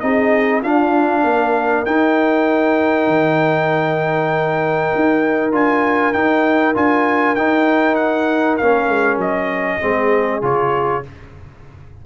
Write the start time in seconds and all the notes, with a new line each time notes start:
0.00 C4 D#4 G#4 D#5
0.61 D4 F4 F5
1.23 A#3 A#4
1.85 D#4 G5
3.07 D#3
4.95 D#4
5.52 D4 F4 G#5
6.13 D#4 G5
6.74 D4 F4 G#5
7.35 D#4 G5
7.95 F#5
8.57 A#3 C#4 F5
8.88 G#3
9.17 F#3 D#5
9.81 G#3 C4 G#4
10.42 C#3 F4 C#5